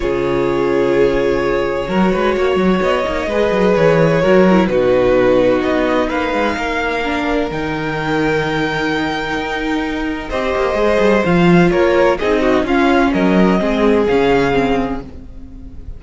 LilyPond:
<<
  \new Staff \with { instrumentName = "violin" } { \time 4/4 \tempo 4 = 128 cis''1~ | cis''2 dis''2 | cis''2 b'2 | dis''4 f''2. |
g''1~ | g''2 dis''2 | f''4 cis''4 dis''4 f''4 | dis''2 f''2 | }
  \new Staff \with { instrumentName = "violin" } { \time 4/4 gis'1 | ais'8 b'8 cis''2 b'4~ | b'4 ais'4 fis'2~ | fis'4 b'4 ais'2~ |
ais'1~ | ais'2 c''2~ | c''4 ais'4 gis'8 fis'8 f'4 | ais'4 gis'2. | }
  \new Staff \with { instrumentName = "viola" } { \time 4/4 f'1 | fis'2~ fis'8 dis'8 gis'4~ | gis'4 fis'8 e'8 dis'2~ | dis'2. d'4 |
dis'1~ | dis'2 g'4 gis'4 | f'2 dis'4 cis'4~ | cis'4 c'4 cis'4 c'4 | }
  \new Staff \with { instrumentName = "cello" } { \time 4/4 cis1 | fis8 gis8 ais8 fis8 b8 ais8 gis8 fis8 | e4 fis4 b,2 | b4 ais8 gis8 ais2 |
dis1 | dis'2 c'8 ais8 gis8 g8 | f4 ais4 c'4 cis'4 | fis4 gis4 cis2 | }
>>